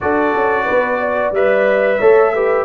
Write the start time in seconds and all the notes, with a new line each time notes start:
0.00 D4 F#4 A4 D5
0.34 C#4
0.65 B3 B4
1.00 D5
1.31 G3 B4 E5
1.98 A3 A4 C#5
2.33 G4 B4